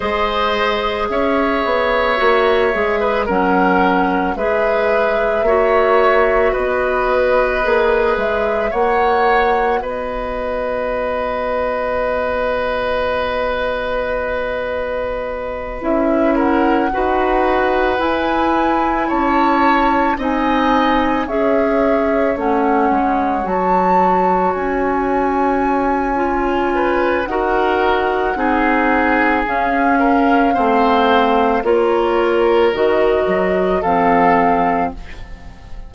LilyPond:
<<
  \new Staff \with { instrumentName = "flute" } { \time 4/4 \tempo 4 = 55 dis''4 e''2 fis''4 | e''2 dis''4. e''8 | fis''4 dis''2.~ | dis''2~ dis''8 e''8 fis''4~ |
fis''8 gis''4 a''4 gis''4 e''8~ | e''8 fis''4 a''4 gis''4.~ | gis''4 fis''2 f''4~ | f''4 cis''4 dis''4 f''4 | }
  \new Staff \with { instrumentName = "oboe" } { \time 4/4 c''4 cis''4.~ cis''16 b'16 ais'4 | b'4 cis''4 b'2 | cis''4 b'2.~ | b'2. ais'8 b'8~ |
b'4. cis''4 dis''4 cis''8~ | cis''1~ | cis''8 b'8 ais'4 gis'4. ais'8 | c''4 ais'2 a'4 | }
  \new Staff \with { instrumentName = "clarinet" } { \time 4/4 gis'2 fis'8 gis'8 cis'4 | gis'4 fis'2 gis'4 | fis'1~ | fis'2~ fis'8 e'4 fis'8~ |
fis'8 e'2 dis'4 gis'8~ | gis'8 cis'4 fis'2~ fis'8 | f'4 fis'4 dis'4 cis'4 | c'4 f'4 fis'4 c'4 | }
  \new Staff \with { instrumentName = "bassoon" } { \time 4/4 gis4 cis'8 b8 ais8 gis8 fis4 | gis4 ais4 b4 ais8 gis8 | ais4 b2.~ | b2~ b8 cis'4 dis'8~ |
dis'8 e'4 cis'4 c'4 cis'8~ | cis'8 a8 gis8 fis4 cis'4.~ | cis'4 dis'4 c'4 cis'4 | a4 ais4 dis8 fis8 f4 | }
>>